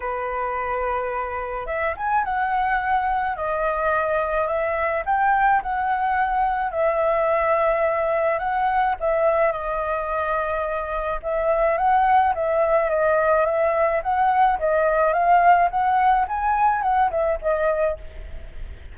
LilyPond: \new Staff \with { instrumentName = "flute" } { \time 4/4 \tempo 4 = 107 b'2. e''8 gis''8 | fis''2 dis''2 | e''4 g''4 fis''2 | e''2. fis''4 |
e''4 dis''2. | e''4 fis''4 e''4 dis''4 | e''4 fis''4 dis''4 f''4 | fis''4 gis''4 fis''8 e''8 dis''4 | }